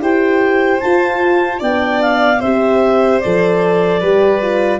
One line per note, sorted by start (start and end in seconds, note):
0.00 0.80 E4
0.00 0.80 G4
0.00 1.59 C5
0.00 0.79 G5
0.79 1.59 F4
0.79 1.61 F4
0.79 1.59 A5
1.59 2.41 B3
1.59 2.39 D4
1.59 2.39 D5
1.59 2.02 G5
2.02 2.41 F5
2.39 3.21 C4
2.39 3.23 G4
2.39 3.99 C5
2.39 3.20 E5
3.20 4.01 F3
3.20 4.03 A4
3.20 4.79 D5
4.00 4.79 G3
4.00 4.41 G4
4.00 4.79 B4
4.41 4.79 F4